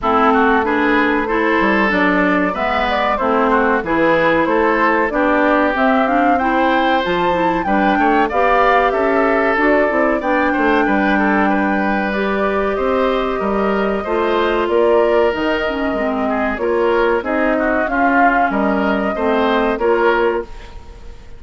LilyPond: <<
  \new Staff \with { instrumentName = "flute" } { \time 4/4 \tempo 4 = 94 a'4 b'4 c''4 d''4 | e''8 d''8 c''4 b'4 c''4 | d''4 e''8 f''8 g''4 a''4 | g''4 f''4 e''4 d''4 |
g''2. d''4 | dis''2. d''4 | dis''2 cis''4 dis''4 | f''4 dis''2 cis''4 | }
  \new Staff \with { instrumentName = "oboe" } { \time 4/4 e'8 fis'8 gis'4 a'2 | b'4 e'8 fis'8 gis'4 a'4 | g'2 c''2 | b'8 cis''8 d''4 a'2 |
d''8 c''8 b'8 a'8 b'2 | c''4 ais'4 c''4 ais'4~ | ais'4. gis'8 ais'4 gis'8 fis'8 | f'4 ais'4 c''4 ais'4 | }
  \new Staff \with { instrumentName = "clarinet" } { \time 4/4 c'4 d'4 e'4 d'4 | b4 c'4 e'2 | d'4 c'8 d'8 e'4 f'8 e'8 | d'4 g'2 fis'8 e'8 |
d'2. g'4~ | g'2 f'2 | dis'8 cis'8 c'4 f'4 dis'4 | cis'2 c'4 f'4 | }
  \new Staff \with { instrumentName = "bassoon" } { \time 4/4 a2~ a8 g8 fis4 | gis4 a4 e4 a4 | b4 c'2 f4 | g8 a8 b4 cis'4 d'8 c'8 |
b8 a8 g2. | c'4 g4 a4 ais4 | dis4 gis4 ais4 c'4 | cis'4 g4 a4 ais4 | }
>>